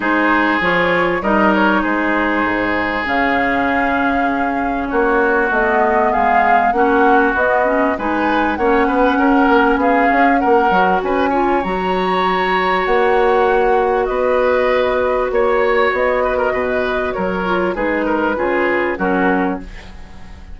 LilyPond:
<<
  \new Staff \with { instrumentName = "flute" } { \time 4/4 \tempo 4 = 98 c''4 cis''4 dis''8 cis''8 c''4~ | c''4 f''2. | cis''4 dis''4 f''4 fis''4 | dis''4 gis''4 fis''2 |
f''4 fis''4 gis''4 ais''4~ | ais''4 fis''2 dis''4~ | dis''4 cis''4 dis''2 | cis''4 b'2 ais'4 | }
  \new Staff \with { instrumentName = "oboe" } { \time 4/4 gis'2 ais'4 gis'4~ | gis'1 | fis'2 gis'4 fis'4~ | fis'4 b'4 cis''8 b'8 ais'4 |
gis'4 ais'4 b'8 cis''4.~ | cis''2. b'4~ | b'4 cis''4. b'16 ais'16 b'4 | ais'4 gis'8 ais'8 gis'4 fis'4 | }
  \new Staff \with { instrumentName = "clarinet" } { \time 4/4 dis'4 f'4 dis'2~ | dis'4 cis'2.~ | cis'4 b2 cis'4 | b8 cis'8 dis'4 cis'2~ |
cis'4. fis'4 f'8 fis'4~ | fis'1~ | fis'1~ | fis'8 f'8 dis'4 f'4 cis'4 | }
  \new Staff \with { instrumentName = "bassoon" } { \time 4/4 gis4 f4 g4 gis4 | gis,4 cis2. | ais4 a4 gis4 ais4 | b4 gis4 ais8 b8 cis'8 ais8 |
b8 cis'8 ais8 fis8 cis'4 fis4~ | fis4 ais2 b4~ | b4 ais4 b4 b,4 | fis4 gis4 cis4 fis4 | }
>>